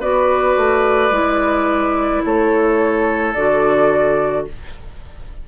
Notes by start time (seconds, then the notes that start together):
0.00 B3 F#4 B4 D5
0.57 A3
1.10 G#3 E4
2.25 A3 A4 C#5
3.34 D3 F#4 D5